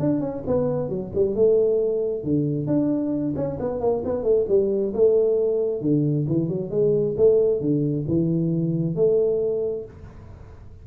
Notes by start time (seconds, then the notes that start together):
0.00 D4
0.21 C#4
0.47 B3
0.89 F#3
1.15 G3
1.35 A3
2.24 D3
2.67 D4
3.36 C#4
3.60 B3
3.81 A#3
4.05 B3
4.24 A3
4.49 G3
4.94 A3
5.81 D3
6.28 E3
6.49 F#3
6.71 G#3
7.17 A3
7.61 D3
8.08 E3
8.96 A3